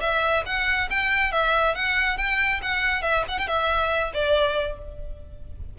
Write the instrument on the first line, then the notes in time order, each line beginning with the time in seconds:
violin
0.00 E5
0.45 F#5
0.90 G5
1.31 E5
1.75 F#5
2.17 G5
2.62 F#5
3.02 E5
3.28 F#5
3.38 G5
3.47 E5
4.13 D5